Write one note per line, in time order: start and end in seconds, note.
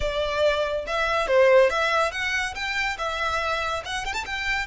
0.00 0.85 D5
0.86 1.27 E5
1.27 1.69 C5
1.70 2.11 E5
2.11 2.54 F#5
2.54 2.97 G5
2.98 3.83 E5
3.84 4.05 F#5
4.05 4.13 G5
4.13 4.24 A5
4.25 4.66 G5